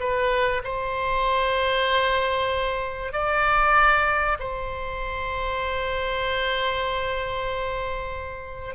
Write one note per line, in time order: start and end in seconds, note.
0.00 0.62 B4
0.64 3.13 C5
3.13 4.38 D5
4.40 8.75 C5